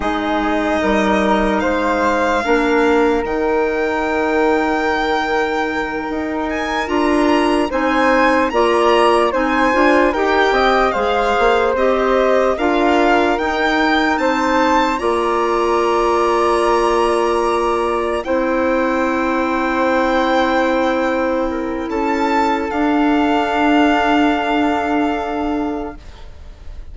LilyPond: <<
  \new Staff \with { instrumentName = "violin" } { \time 4/4 \tempo 4 = 74 dis''2 f''2 | g''1 | gis''8 ais''4 gis''4 ais''4 gis''8~ | gis''8 g''4 f''4 dis''4 f''8~ |
f''8 g''4 a''4 ais''4.~ | ais''2~ ais''8 g''4.~ | g''2. a''4 | f''1 | }
  \new Staff \with { instrumentName = "flute" } { \time 4/4 gis'4 ais'4 c''4 ais'4~ | ais'1~ | ais'4. c''4 d''4 c''8~ | c''8 ais'8 dis''8 c''2 ais'8~ |
ais'4. c''4 d''4.~ | d''2~ d''8 c''4.~ | c''2~ c''8 ais'8 a'4~ | a'1 | }
  \new Staff \with { instrumentName = "clarinet" } { \time 4/4 dis'2. d'4 | dis'1~ | dis'8 f'4 dis'4 f'4 dis'8 | f'8 g'4 gis'4 g'4 f'8~ |
f'8 dis'2 f'4.~ | f'2~ f'8 e'4.~ | e'1 | d'1 | }
  \new Staff \with { instrumentName = "bassoon" } { \time 4/4 gis4 g4 gis4 ais4 | dis2.~ dis8 dis'8~ | dis'8 d'4 c'4 ais4 c'8 | d'8 dis'8 c'8 gis8 ais8 c'4 d'8~ |
d'8 dis'4 c'4 ais4.~ | ais2~ ais8 c'4.~ | c'2. cis'4 | d'1 | }
>>